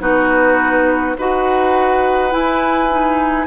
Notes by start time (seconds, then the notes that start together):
0.00 B3 D#4 F#4 B4
1.18 D#4 F#4 B4 F#5
2.31 E4 G#5
2.91 D#4